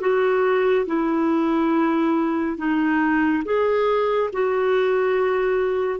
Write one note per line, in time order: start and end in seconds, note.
0.00 0.86 F#4
0.86 2.58 E4
2.58 3.43 D#4
3.45 4.31 G#4
4.32 6.00 F#4